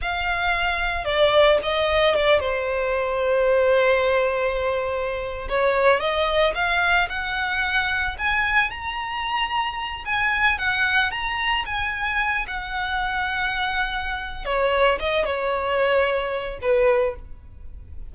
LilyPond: \new Staff \with { instrumentName = "violin" } { \time 4/4 \tempo 4 = 112 f''2 d''4 dis''4 | d''8 c''2.~ c''8~ | c''2~ c''16 cis''4 dis''8.~ | dis''16 f''4 fis''2 gis''8.~ |
gis''16 ais''2~ ais''8 gis''4 fis''16~ | fis''8. ais''4 gis''4. fis''8.~ | fis''2. cis''4 | dis''8 cis''2~ cis''8 b'4 | }